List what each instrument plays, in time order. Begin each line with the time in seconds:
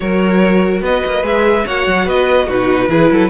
0.00 cello F#3, viola F#4, violin A#4 C#5
0.81 cello B3, violin B4 D#5
1.06 cello A#3
1.22 cello G#3, viola G#4, violin E5
1.65 cello A#3, viola F#4, violin C#5 F#5
1.86 cello F#3
2.05 cello B3, violin B4 D#5
2.46 cello B2, viola D#4, violin F#4 B4
2.88 cello E3, viola E4, violin G#4
3.11 cello F#3, violin A4